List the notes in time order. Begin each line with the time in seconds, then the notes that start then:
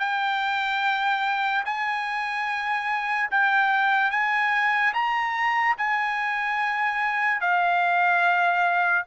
0.00 G5
1.66 G#5
3.31 G5
4.11 G#5
4.94 A#5
5.78 G#5
7.41 F5